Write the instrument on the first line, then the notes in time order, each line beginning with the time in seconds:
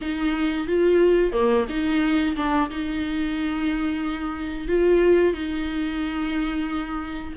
viola
0.01 D#4
0.67 F4
1.32 A#3
1.68 D#4
2.36 D4
2.70 D#4
4.68 F4
5.33 D#4